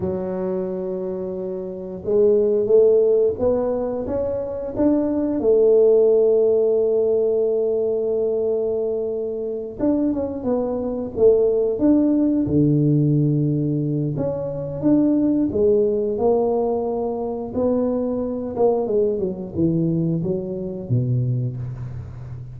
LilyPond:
\new Staff \with { instrumentName = "tuba" } { \time 4/4 \tempo 4 = 89 fis2. gis4 | a4 b4 cis'4 d'4 | a1~ | a2~ a8 d'8 cis'8 b8~ |
b8 a4 d'4 d4.~ | d4 cis'4 d'4 gis4 | ais2 b4. ais8 | gis8 fis8 e4 fis4 b,4 | }